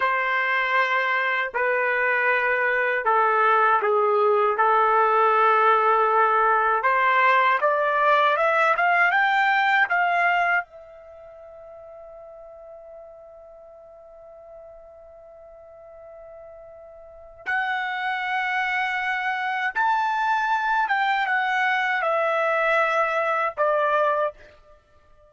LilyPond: \new Staff \with { instrumentName = "trumpet" } { \time 4/4 \tempo 4 = 79 c''2 b'2 | a'4 gis'4 a'2~ | a'4 c''4 d''4 e''8 f''8 | g''4 f''4 e''2~ |
e''1~ | e''2. fis''4~ | fis''2 a''4. g''8 | fis''4 e''2 d''4 | }